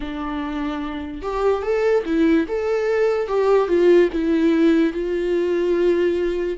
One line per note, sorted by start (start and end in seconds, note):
0.00 1.22 D4
1.22 1.62 G4
1.62 2.03 A4
2.05 2.47 E4
2.48 3.27 A4
3.27 3.68 G4
3.68 4.09 F4
4.12 4.93 E4
4.93 6.57 F4